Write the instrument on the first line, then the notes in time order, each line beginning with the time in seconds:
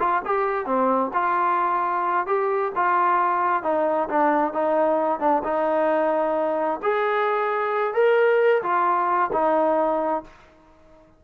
trombone
0.00 F4
0.26 G4
0.66 C4
1.14 F4
2.27 G4
2.76 F4
3.63 D#4
4.09 D4
4.53 D#4
5.20 D4
5.44 D#4
6.83 G#4
7.94 A#4
8.63 F4
9.33 D#4